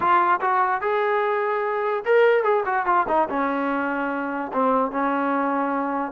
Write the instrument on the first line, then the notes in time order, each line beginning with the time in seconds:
trombone
0.00 F4
0.41 F#4
0.81 G#4
2.05 A#4
2.43 G#4
2.65 F#4
2.86 F4
3.08 D#4
3.29 C#4
4.53 C4
4.91 C#4